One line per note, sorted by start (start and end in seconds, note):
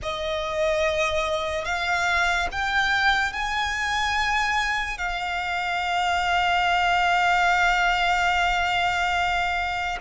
0.02 1.64 D#5
1.64 2.48 F5
2.51 3.33 G5
3.33 4.98 G#5
4.98 9.98 F5